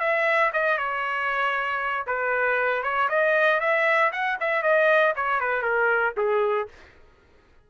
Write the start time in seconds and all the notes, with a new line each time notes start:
0.00 E5
0.53 D#5
0.78 C#5
2.07 B4
2.83 C#5
3.09 D#5
3.61 E5
4.12 F#5
4.40 E5
4.63 D#5
5.16 C#5
5.41 B4
5.62 A#4
6.17 G#4